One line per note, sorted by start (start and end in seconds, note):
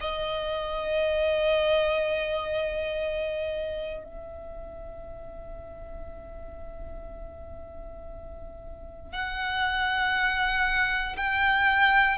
0.00 4.04 D#5
4.04 9.12 E5
9.12 11.16 F#5
11.16 12.18 G5